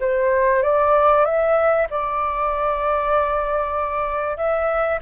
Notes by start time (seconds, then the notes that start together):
0.00 C5
0.62 D5
1.25 E5
1.90 D5
4.37 E5